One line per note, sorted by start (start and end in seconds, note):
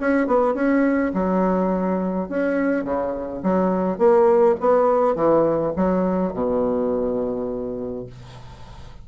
0.00 0.27 C#4
0.27 0.54 B3
0.54 1.12 C#4
1.13 2.29 F#3
2.29 2.84 C#4
2.84 3.42 C#3
3.43 3.98 F#3
3.98 4.56 A#3
4.60 5.15 B3
5.15 5.73 E3
5.76 6.33 F#3
6.33 8.06 B2